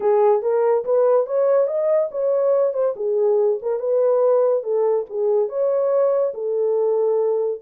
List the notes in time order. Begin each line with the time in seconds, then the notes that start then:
0.00 G#4
0.42 A#4
0.85 B4
1.26 C#5
1.67 D#5
2.11 C#5
2.73 C5
2.96 G#4
3.61 A#4
3.79 B4
4.63 A4
5.09 G#4
5.48 C#5
6.34 A4